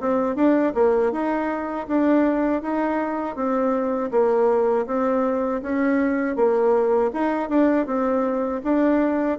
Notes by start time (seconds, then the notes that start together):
0.00 C4
0.36 D4
0.74 A#3
1.12 D#4
1.88 D4
2.62 D#4
3.35 C4
4.11 A#3
4.86 C4
5.62 C#4
6.36 A#3
7.13 D#4
7.49 D4
7.86 C4
8.64 D4